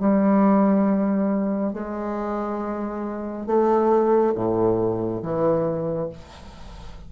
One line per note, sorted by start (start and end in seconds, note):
0.00 1.73 G3
1.73 3.47 G#3
3.47 4.34 A3
4.35 5.22 A2
5.22 6.09 E3